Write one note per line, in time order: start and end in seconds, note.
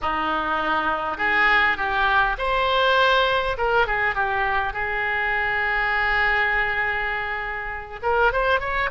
0.01 1.17 D#4
1.17 1.77 G#4
1.77 2.36 G4
2.38 3.56 C5
3.57 3.86 A#4
3.86 4.14 G#4
4.14 4.73 G4
4.73 8.00 G#4
8.02 8.32 A#4
8.32 8.60 C5
8.60 8.89 C#5